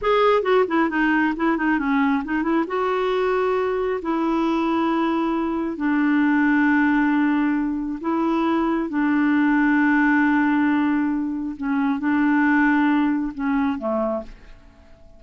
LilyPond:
\new Staff \with { instrumentName = "clarinet" } { \time 4/4 \tempo 4 = 135 gis'4 fis'8 e'8 dis'4 e'8 dis'8 | cis'4 dis'8 e'8 fis'2~ | fis'4 e'2.~ | e'4 d'2.~ |
d'2 e'2 | d'1~ | d'2 cis'4 d'4~ | d'2 cis'4 a4 | }